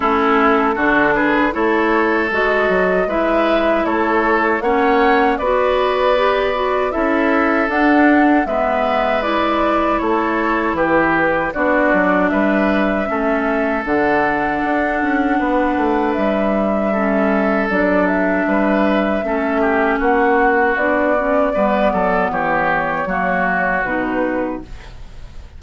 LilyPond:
<<
  \new Staff \with { instrumentName = "flute" } { \time 4/4 \tempo 4 = 78 a'4. b'8 cis''4 dis''4 | e''4 cis''4 fis''4 d''4~ | d''4 e''4 fis''4 e''4 | d''4 cis''4 b'4 d''4 |
e''2 fis''2~ | fis''4 e''2 d''8 e''8~ | e''2 fis''4 d''4~ | d''4 cis''2 b'4 | }
  \new Staff \with { instrumentName = "oboe" } { \time 4/4 e'4 fis'8 gis'8 a'2 | b'4 a'4 cis''4 b'4~ | b'4 a'2 b'4~ | b'4 a'4 g'4 fis'4 |
b'4 a'2. | b'2 a'2 | b'4 a'8 g'8 fis'2 | b'8 a'8 g'4 fis'2 | }
  \new Staff \with { instrumentName = "clarinet" } { \time 4/4 cis'4 d'4 e'4 fis'4 | e'2 cis'4 fis'4 | g'8 fis'8 e'4 d'4 b4 | e'2. d'4~ |
d'4 cis'4 d'2~ | d'2 cis'4 d'4~ | d'4 cis'2 d'8 cis'8 | b2 ais4 dis'4 | }
  \new Staff \with { instrumentName = "bassoon" } { \time 4/4 a4 d4 a4 gis8 fis8 | gis4 a4 ais4 b4~ | b4 cis'4 d'4 gis4~ | gis4 a4 e4 b8 fis8 |
g4 a4 d4 d'8 cis'8 | b8 a8 g2 fis4 | g4 a4 ais4 b4 | g8 fis8 e4 fis4 b,4 | }
>>